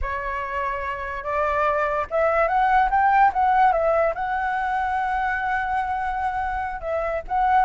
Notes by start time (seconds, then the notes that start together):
0.01 C#5
1.23 D5
2.10 E5
2.48 F#5
2.90 G5
3.33 F#5
3.72 E5
4.14 F#5
6.80 E5
7.27 F#5